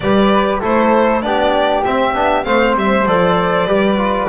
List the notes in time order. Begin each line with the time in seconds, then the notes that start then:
0.00 G3 G4 B4 D5
0.59 A3 E4 A4 C5
1.22 B3 D4 G4 D5
1.85 C4 E5
2.13 B3 D4
2.44 A3 C4 C5 F5
2.75 G3 E5
3.05 F3 A4 D5
3.65 G3 G4 B4
3.97 F4